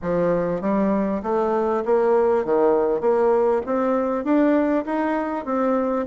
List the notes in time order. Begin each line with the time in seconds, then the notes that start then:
0.02 F3
0.61 G3
1.23 A3
1.85 A#3
2.44 D#3
3.01 A#3
3.66 C4
4.24 D4
4.85 D#4
5.45 C4